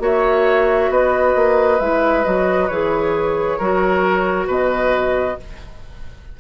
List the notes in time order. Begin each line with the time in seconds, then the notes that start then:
0.00 A#3 F#4 C#5 E5
0.90 B3 B4 D#5
1.36 A#3
1.80 G#3 E4 E5
2.24 F#3 F#4 D#5
2.69 E3 G#4 C#5
3.59 F#3 F#4 A#4
4.48 B2 B4 D#5